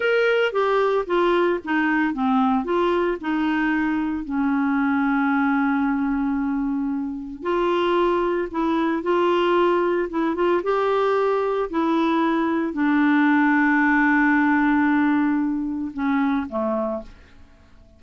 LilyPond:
\new Staff \with { instrumentName = "clarinet" } { \time 4/4 \tempo 4 = 113 ais'4 g'4 f'4 dis'4 | c'4 f'4 dis'2 | cis'1~ | cis'2 f'2 |
e'4 f'2 e'8 f'8 | g'2 e'2 | d'1~ | d'2 cis'4 a4 | }